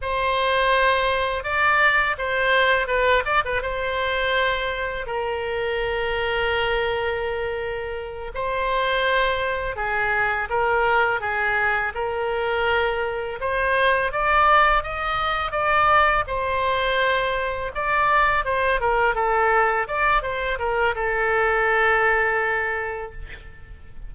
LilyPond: \new Staff \with { instrumentName = "oboe" } { \time 4/4 \tempo 4 = 83 c''2 d''4 c''4 | b'8 d''16 b'16 c''2 ais'4~ | ais'2.~ ais'8 c''8~ | c''4. gis'4 ais'4 gis'8~ |
gis'8 ais'2 c''4 d''8~ | d''8 dis''4 d''4 c''4.~ | c''8 d''4 c''8 ais'8 a'4 d''8 | c''8 ais'8 a'2. | }